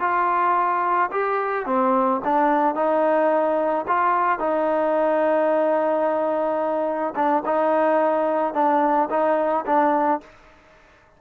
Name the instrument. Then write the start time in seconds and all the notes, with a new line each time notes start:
trombone
0.00 F4
1.11 G4
1.66 C4
2.24 D4
2.75 D#4
3.87 F4
4.39 D#4
7.15 D4
7.45 D#4
8.54 D4
9.10 D#4
9.66 D4